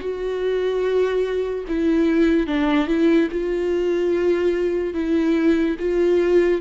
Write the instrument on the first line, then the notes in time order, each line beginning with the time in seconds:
viola
0.00 F#4
1.68 E4
2.46 D4
2.87 E4
3.31 F4
4.94 E4
5.79 F4